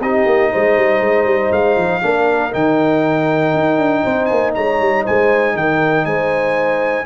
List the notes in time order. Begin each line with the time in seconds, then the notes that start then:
0.00 C4 D#4 G4 D#5
0.26 A#3
0.51 G#3 C5
0.77 G3
1.01 G#3
1.25 G3
1.52 G#3 F5
1.77 F3
2.02 A#3 D4 A#4
2.51 D#3 D#4 G5
3.54 D#4
3.78 D4
4.04 C4 C5
4.26 A#3 G#5
4.55 G#3 C#5 A#5
4.80 G3
5.04 G#3 C5 G#5
5.55 D#3 A#4 G5
6.05 G#3 C5 G#5